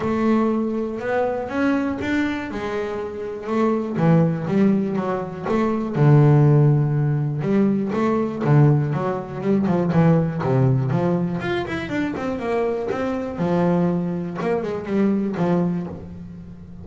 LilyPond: \new Staff \with { instrumentName = "double bass" } { \time 4/4 \tempo 4 = 121 a2 b4 cis'4 | d'4 gis2 a4 | e4 g4 fis4 a4 | d2. g4 |
a4 d4 fis4 g8 f8 | e4 c4 f4 f'8 e'8 | d'8 c'8 ais4 c'4 f4~ | f4 ais8 gis8 g4 f4 | }